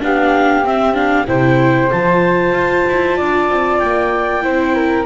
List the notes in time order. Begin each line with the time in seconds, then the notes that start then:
0.00 B3 D4 G4 F5
0.64 C4 E5
0.94 D4 F5
1.27 C3 E4 C5 G5
1.91 F3 F4 A5
2.52 F4
2.88 E4
3.17 D4 D5
3.50 C4
3.79 A#3 G5
4.42 C4 E4 C5
4.75 A#4